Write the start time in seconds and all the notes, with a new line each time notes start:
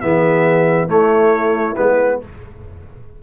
0.00 E3 B3 G#4 E5
0.88 A3 E4 C#5
1.75 G#3 B3 B4